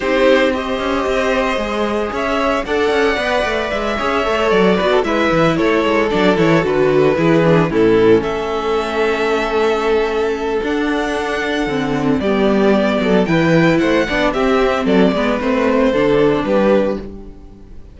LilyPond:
<<
  \new Staff \with { instrumentName = "violin" } { \time 4/4 \tempo 4 = 113 c''4 dis''2. | e''4 fis''2 e''4~ | e''8 d''4 e''4 cis''4 d''8 | cis''8 b'2 a'4 e''8~ |
e''1 | fis''2. d''4~ | d''4 g''4 fis''4 e''4 | d''4 c''2 b'4 | }
  \new Staff \with { instrumentName = "violin" } { \time 4/4 g'4 c''2. | cis''4 d''2~ d''8 cis''8~ | cis''4 b'16 a'16 b'4 a'4.~ | a'4. gis'4 e'4 a'8~ |
a'1~ | a'2. g'4~ | g'8 a'8 b'4 c''8 d''8 g'4 | a'8 b'4. a'4 g'4 | }
  \new Staff \with { instrumentName = "viola" } { \time 4/4 dis'4 g'2 gis'4~ | gis'4 a'4 b'4. gis'8 | a'4 fis'8 e'2 d'8 | e'8 fis'4 e'8 d'8 cis'4.~ |
cis'1 | d'2 c'4 b4~ | b4 e'4. d'8 c'4~ | c'8 b8 c'4 d'2 | }
  \new Staff \with { instrumentName = "cello" } { \time 4/4 c'4. cis'8 c'4 gis4 | cis'4 d'8 cis'8 b8 a8 gis8 cis'8 | a8 fis8 b8 gis8 e8 a8 gis8 fis8 | e8 d4 e4 a,4 a8~ |
a1 | d'2 d4 g4~ | g8 fis8 e4 a8 b8 c'4 | fis8 gis8 a4 d4 g4 | }
>>